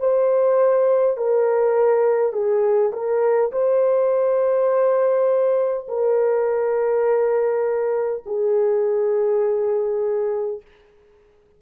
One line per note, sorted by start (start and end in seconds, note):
0.00 1.17 C5
1.17 2.33 A#4
2.33 2.91 G#4
2.93 3.52 A#4
3.52 5.88 C5
5.88 8.24 A#4
8.26 10.61 G#4